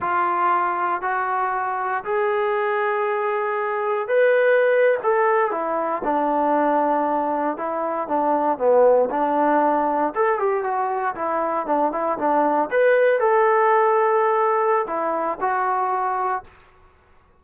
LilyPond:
\new Staff \with { instrumentName = "trombone" } { \time 4/4 \tempo 4 = 117 f'2 fis'2 | gis'1 | b'4.~ b'16 a'4 e'4 d'16~ | d'2~ d'8. e'4 d'16~ |
d'8. b4 d'2 a'16~ | a'16 g'8 fis'4 e'4 d'8 e'8 d'16~ | d'8. b'4 a'2~ a'16~ | a'4 e'4 fis'2 | }